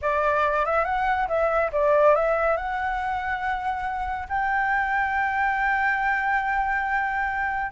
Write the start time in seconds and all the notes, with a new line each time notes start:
0.01 D5
0.65 E5
0.84 F#5
1.28 E5
1.72 D5
2.15 E5
2.56 F#5
4.29 G5